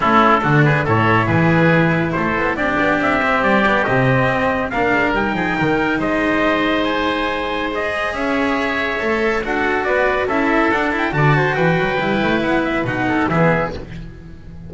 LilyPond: <<
  \new Staff \with { instrumentName = "trumpet" } { \time 4/4 \tempo 4 = 140 a'4. b'8 cis''4 b'4~ | b'4 c''4 d''4 e''4 | d''4 dis''2 f''4 | g''2 dis''2 |
gis''2 dis''4 e''4~ | e''2 fis''4 d''4 | e''4 fis''8 g''8 a''4 g''4~ | g''4 fis''8 e''8 fis''4 e''4 | }
  \new Staff \with { instrumentName = "oboe" } { \time 4/4 e'4 fis'8 gis'8 a'4 gis'4~ | gis'4 a'4 g'2~ | g'2. ais'4~ | ais'8 gis'8 ais'4 c''2~ |
c''2. cis''4~ | cis''2 a'4 b'4 | a'2 d''8 c''8 b'4~ | b'2~ b'8 a'8 gis'4 | }
  \new Staff \with { instrumentName = "cello" } { \time 4/4 cis'4 d'4 e'2~ | e'2 d'4. c'8~ | c'8 b8 c'2 d'4 | dis'1~ |
dis'2 gis'2~ | gis'4 a'4 fis'2 | e'4 d'8 e'8 fis'2 | e'2 dis'4 b4 | }
  \new Staff \with { instrumentName = "double bass" } { \time 4/4 a4 d4 a,4 e4~ | e4 a8 b8 c'8 b8 c'4 | g4 c4 c'4 ais8 gis8 | g8 f8 dis4 gis2~ |
gis2. cis'4~ | cis'4 a4 d'4 b4 | cis'4 d'4 d4 e8 fis8 | g8 a8 b4 b,4 e4 | }
>>